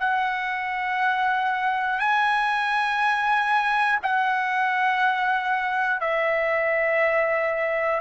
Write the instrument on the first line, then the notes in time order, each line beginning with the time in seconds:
trumpet
0.00 F#5
2.00 G#5
4.03 F#5
6.01 E5